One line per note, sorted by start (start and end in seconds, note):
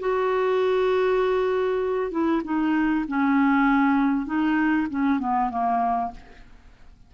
0.00 2.11 F#4
2.11 2.42 E4
2.44 3.06 D#4
3.08 4.26 C#4
4.26 4.88 D#4
4.90 5.20 C#4
5.20 5.50 B3
5.50 6.11 A#3